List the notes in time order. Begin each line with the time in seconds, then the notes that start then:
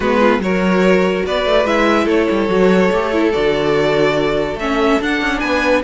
0.00 G#3 B3 F#4 B4
0.19 F4
0.39 F#3 F#4 A#4 C#5
1.25 B3 B4 D5
1.45 A3
1.65 G#3 E4 E5
2.04 A3 A4 C#5
2.30 G3
2.48 F#3 F#4
2.91 A3 G4
3.12 E4
3.32 D3 F#4 D5
4.55 A3 C#4 E5
5.00 D4 F#5
5.21 C#4
5.39 B3 B4 G#5